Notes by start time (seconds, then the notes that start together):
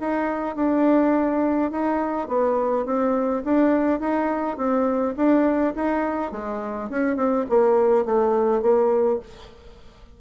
0.00 D#4
0.56 D4
1.71 D#4
2.28 B3
2.86 C4
3.45 D4
4.00 D#4
4.57 C4
5.17 D4
5.76 D#4
6.32 G#3
6.90 C#4
7.17 C4
7.49 A#3
8.05 A3
8.62 A#3